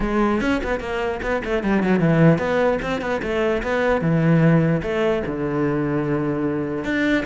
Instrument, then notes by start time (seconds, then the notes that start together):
cello
0.00 G#3
0.40 C#4
0.63 B3
0.80 A#3
1.22 B3
1.44 A3
1.63 G3
1.82 F#3
1.99 E3
2.38 B3
2.82 C4
3.01 B3
3.22 A3
3.62 B3
4.01 E3
4.82 A3
5.26 D3
6.84 D4